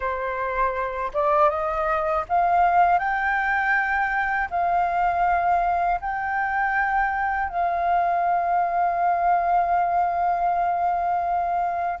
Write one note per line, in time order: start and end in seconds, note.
0.00 1.11 C5
1.13 1.49 D5
1.49 2.24 D#5
2.28 2.99 F5
2.99 4.49 G5
4.50 6.00 F5
6.00 7.49 G5
7.49 11.99 F5